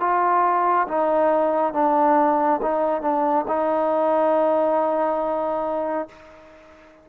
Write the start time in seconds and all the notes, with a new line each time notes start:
0.00 F4
0.88 D#4
1.73 D4
2.62 D#4
3.01 D4
3.47 D#4